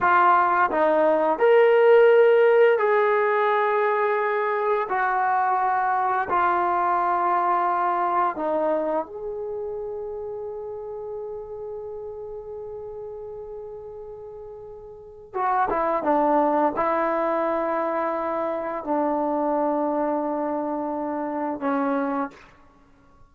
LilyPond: \new Staff \with { instrumentName = "trombone" } { \time 4/4 \tempo 4 = 86 f'4 dis'4 ais'2 | gis'2. fis'4~ | fis'4 f'2. | dis'4 gis'2.~ |
gis'1~ | gis'2 fis'8 e'8 d'4 | e'2. d'4~ | d'2. cis'4 | }